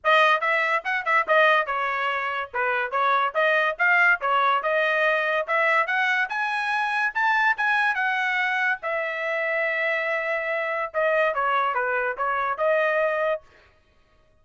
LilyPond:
\new Staff \with { instrumentName = "trumpet" } { \time 4/4 \tempo 4 = 143 dis''4 e''4 fis''8 e''8 dis''4 | cis''2 b'4 cis''4 | dis''4 f''4 cis''4 dis''4~ | dis''4 e''4 fis''4 gis''4~ |
gis''4 a''4 gis''4 fis''4~ | fis''4 e''2.~ | e''2 dis''4 cis''4 | b'4 cis''4 dis''2 | }